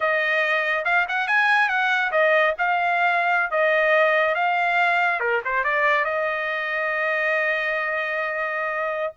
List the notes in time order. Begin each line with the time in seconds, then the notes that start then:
0.00 D#5
0.85 F5
1.08 F#5
1.27 G#5
1.68 F#5
2.11 D#5
2.58 F5
3.50 D#5
4.34 F5
5.20 A#4
5.44 C5
5.64 D5
6.04 D#5